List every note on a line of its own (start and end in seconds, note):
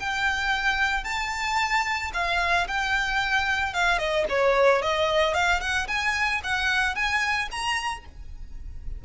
0.00 1.04 G5
1.04 2.12 A5
2.14 2.68 F5
2.68 3.74 G5
3.74 3.99 F5
3.99 4.26 D#5
4.30 4.82 C#5
4.82 5.34 D#5
5.34 5.61 F5
5.61 5.88 F#5
5.88 6.42 G#5
6.44 6.96 F#5
6.96 7.49 G#5
7.51 8.05 A#5